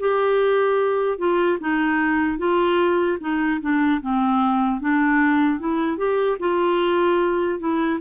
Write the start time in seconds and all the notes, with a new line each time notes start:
0.00 G4
1.19 F4
1.61 D#4
2.39 F4
3.21 D#4
3.61 D4
4.02 C4
4.81 D4
5.60 E4
5.97 G4
6.40 F4
7.60 E4